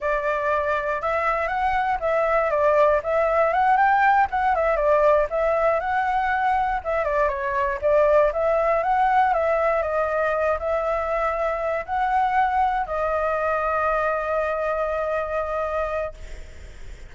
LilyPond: \new Staff \with { instrumentName = "flute" } { \time 4/4 \tempo 4 = 119 d''2 e''4 fis''4 | e''4 d''4 e''4 fis''8 g''8~ | g''8 fis''8 e''8 d''4 e''4 fis''8~ | fis''4. e''8 d''8 cis''4 d''8~ |
d''8 e''4 fis''4 e''4 dis''8~ | dis''4 e''2~ e''8 fis''8~ | fis''4. dis''2~ dis''8~ | dis''1 | }